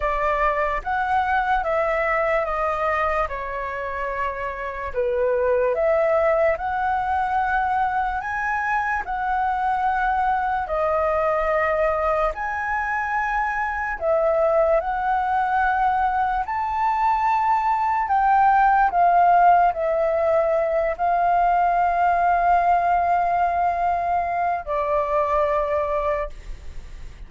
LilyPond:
\new Staff \with { instrumentName = "flute" } { \time 4/4 \tempo 4 = 73 d''4 fis''4 e''4 dis''4 | cis''2 b'4 e''4 | fis''2 gis''4 fis''4~ | fis''4 dis''2 gis''4~ |
gis''4 e''4 fis''2 | a''2 g''4 f''4 | e''4. f''2~ f''8~ | f''2 d''2 | }